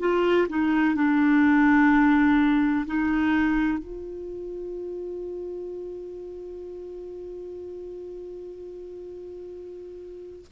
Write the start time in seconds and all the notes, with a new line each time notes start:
0.00 F4
0.49 D#4
0.95 D4
2.86 D#4
3.78 F4